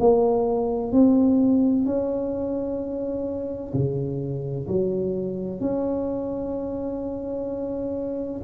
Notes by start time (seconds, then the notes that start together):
0.00 A#3
0.92 C4
1.85 C#4
3.74 C#3
4.67 F#3
5.60 C#4